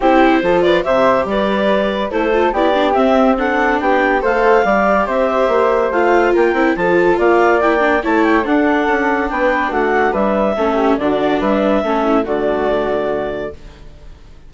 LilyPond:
<<
  \new Staff \with { instrumentName = "clarinet" } { \time 4/4 \tempo 4 = 142 c''4. d''8 e''4 d''4~ | d''4 c''4 d''4 e''4 | fis''4 g''4 f''2 | e''2 f''4 g''4 |
a''4 f''4 g''4 a''8 g''8 | fis''2 g''4 fis''4 | e''2 d''4 e''4~ | e''4 d''2. | }
  \new Staff \with { instrumentName = "flute" } { \time 4/4 g'4 a'8 b'8 c''4 b'4~ | b'4 a'4 g'2 | a'4 g'4 c''4 d''4 | c''2. ais'4 |
a'4 d''2 cis''4 | a'2 b'4 fis'4 | b'4 a'8 g'8 fis'4 b'4 | a'8 e'8 fis'2. | }
  \new Staff \with { instrumentName = "viola" } { \time 4/4 e'4 f'4 g'2~ | g'4 e'8 f'8 e'8 d'8 c'4 | d'2 a'4 g'4~ | g'2 f'4. e'8 |
f'2 e'8 d'8 e'4 | d'1~ | d'4 cis'4 d'2 | cis'4 a2. | }
  \new Staff \with { instrumentName = "bassoon" } { \time 4/4 c'4 f4 c4 g4~ | g4 a4 b4 c'4~ | c'4 b4 a4 g4 | c'4 ais4 a4 ais8 c'8 |
f4 ais2 a4 | d'4 cis'4 b4 a4 | g4 a4 d4 g4 | a4 d2. | }
>>